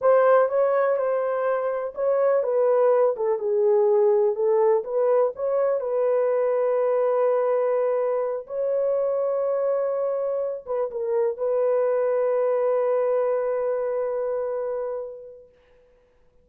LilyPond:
\new Staff \with { instrumentName = "horn" } { \time 4/4 \tempo 4 = 124 c''4 cis''4 c''2 | cis''4 b'4. a'8 gis'4~ | gis'4 a'4 b'4 cis''4 | b'1~ |
b'4. cis''2~ cis''8~ | cis''2 b'8 ais'4 b'8~ | b'1~ | b'1 | }